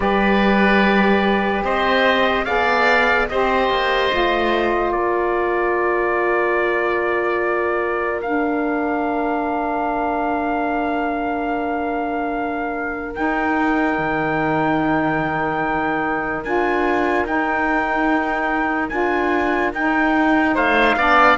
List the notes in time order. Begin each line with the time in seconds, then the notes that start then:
0.00 G3 G4 B4 D5
1.64 C4 C5 D#5
2.45 B3 G#4 D5 F5
3.28 C4 G4 C5 D#5
3.70 A#3
4.10 A3 F4
4.91 A#3 A#4 D5
8.21 D4 F5
13.15 D#4 G5
13.97 D#3
16.43 D4 F4 G#5
17.24 D#4 G5
18.88 D4 F4 G#5
19.73 D#4 G5
20.54 A3 C5 F5
20.96 B3 D4 D5